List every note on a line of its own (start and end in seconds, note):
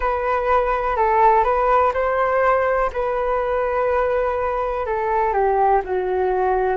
0.00 0.96 B4
0.96 1.44 A4
1.44 1.92 B4
1.93 2.90 C5
2.93 4.86 B4
4.86 5.33 A4
5.33 5.81 G4
5.84 6.76 F#4